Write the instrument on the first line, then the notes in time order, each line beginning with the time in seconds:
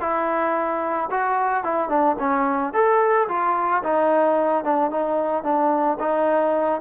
trombone
0.00 E4
1.10 F#4
1.63 E4
1.89 D4
2.18 C#4
2.73 A4
3.28 F4
3.83 D#4
4.64 D4
4.90 D#4
5.43 D4
5.99 D#4